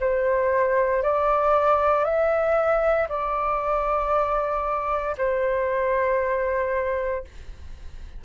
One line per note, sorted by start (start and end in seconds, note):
0.00 1.03 C5
1.03 2.04 D5
2.04 3.08 E5
3.09 5.16 D5
5.18 7.25 C5